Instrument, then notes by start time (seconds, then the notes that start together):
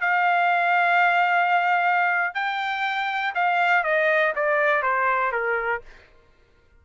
trumpet
0.00 F5
2.34 G5
3.34 F5
3.83 D#5
4.35 D5
4.82 C5
5.32 A#4